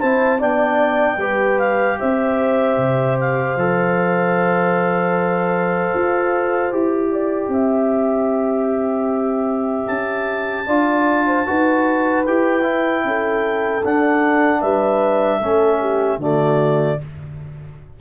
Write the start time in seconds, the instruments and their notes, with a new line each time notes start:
0.00 tuba C4, trombone E4, horn C5, clarinet A5
0.39 tuba B3, trombone D4, horn D5, clarinet G5
1.17 tuba G3, trombone G4, horn B4
1.59 clarinet F5
1.99 tuba C4, horn C5, clarinet E5
2.77 tuba C3
3.20 clarinet F5
3.56 tuba F3, trombone A4
5.94 tuba F4
6.71 tuba E4, trombone G4, clarinet G5
7.11 horn D5
7.48 tuba C4, horn E5
9.87 tuba C#4, clarinet A5
10.67 tuba D4, trombone F4, horn D5
11.26 horn C5
11.46 tuba D#4, trombone F#4, horn B4
12.26 tuba E4, trombone G4, clarinet G5
12.63 trombone E4
13.04 tuba C#4, horn A4
13.84 tuba D4, trombone D4, clarinet F#5
14.61 tuba G3, horn B4, clarinet E5
15.41 tuba A3, trombone C#4, horn A4
15.80 horn G4
16.17 tuba D3, trombone A3, horn F#4, clarinet D5